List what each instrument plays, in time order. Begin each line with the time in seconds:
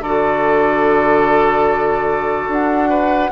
0.00 bassoon D3, clarinet F#4, oboe A4, flute D5
2.47 bassoon D4, flute F#5
2.89 oboe B4